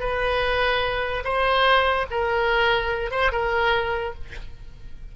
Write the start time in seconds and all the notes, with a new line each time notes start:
0.00 B4
1.24 C5
2.11 A#4
3.11 C5
3.32 A#4